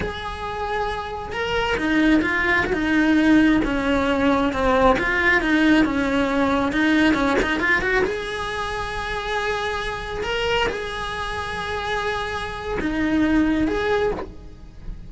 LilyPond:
\new Staff \with { instrumentName = "cello" } { \time 4/4 \tempo 4 = 136 gis'2. ais'4 | dis'4 f'4 fis'16 dis'4.~ dis'16~ | dis'16 cis'2 c'4 f'8.~ | f'16 dis'4 cis'2 dis'8.~ |
dis'16 cis'8 dis'8 f'8 fis'8 gis'4.~ gis'16~ | gis'2.~ gis'16 ais'8.~ | ais'16 gis'2.~ gis'8.~ | gis'4 dis'2 gis'4 | }